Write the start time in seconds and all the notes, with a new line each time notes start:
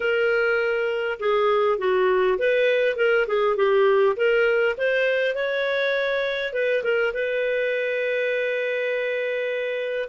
0.00 A#4
1.19 G#4
1.78 F#4
2.38 B4
2.96 A#4
3.27 G#4
3.56 G4
4.16 A#4
4.77 C5
5.35 C#5
6.53 B4
6.83 A#4
7.13 B4